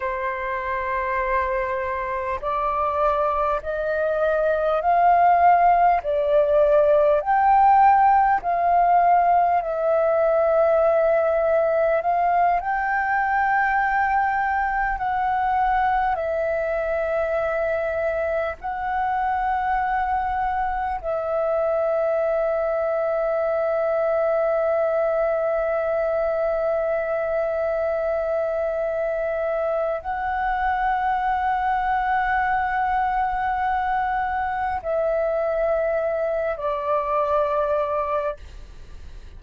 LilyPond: \new Staff \with { instrumentName = "flute" } { \time 4/4 \tempo 4 = 50 c''2 d''4 dis''4 | f''4 d''4 g''4 f''4 | e''2 f''8 g''4.~ | g''8 fis''4 e''2 fis''8~ |
fis''4. e''2~ e''8~ | e''1~ | e''4 fis''2.~ | fis''4 e''4. d''4. | }